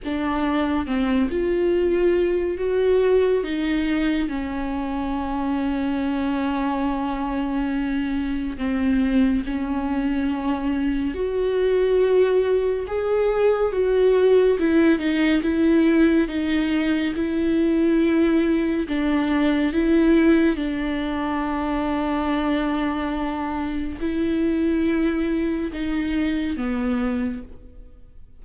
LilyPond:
\new Staff \with { instrumentName = "viola" } { \time 4/4 \tempo 4 = 70 d'4 c'8 f'4. fis'4 | dis'4 cis'2.~ | cis'2 c'4 cis'4~ | cis'4 fis'2 gis'4 |
fis'4 e'8 dis'8 e'4 dis'4 | e'2 d'4 e'4 | d'1 | e'2 dis'4 b4 | }